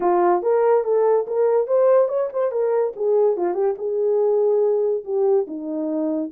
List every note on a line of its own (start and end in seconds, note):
0.00 0.42 F4
0.42 0.84 A#4
0.84 1.26 A4
1.27 1.67 A#4
1.67 2.08 C5
2.08 2.29 C#5
2.32 2.51 C5
2.51 2.93 A#4
2.96 3.37 G#4
3.37 3.53 F4
3.53 3.74 G4
3.78 5.04 G#4
5.04 5.46 G4
5.47 6.31 D#4